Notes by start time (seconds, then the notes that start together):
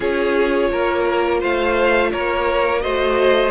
0.00 C#4 F4 G#4 C#5
0.71 A#3 A#4
1.40 A3 C5 F5
2.12 A#3 A#4 C#5
2.81 A3 F#4 C5 D#5